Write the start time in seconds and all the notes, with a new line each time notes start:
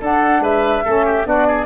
0.00 D4 A4 F#5
0.40 G#3 B4 E5
0.85 A3 C#4 A4
1.05 G4
1.26 B3 D4 F#4 D5
1.47 G#4